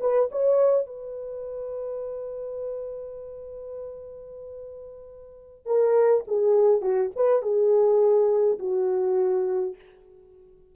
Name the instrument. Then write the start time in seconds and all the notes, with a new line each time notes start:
horn
0.00 B4
0.31 C#5
0.86 B4
5.66 A#4
6.27 G#4
6.81 F#4
7.15 B4
7.42 G#4
8.59 F#4